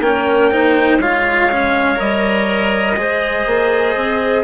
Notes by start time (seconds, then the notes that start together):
0.00 A#3 C#4 A#4 G5
0.51 D#4 C5
0.98 G#3 F4 C#5 F5
1.51 C#4
1.95 G3 A#4 D#5
2.96 G#3 G#4 C5
3.46 A#3
3.95 C4